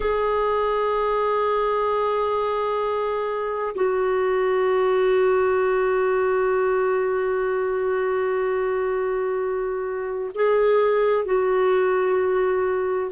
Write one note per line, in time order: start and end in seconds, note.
0.00 3.74 G#4
3.75 10.31 F#4
10.35 11.25 G#4
11.25 13.11 F#4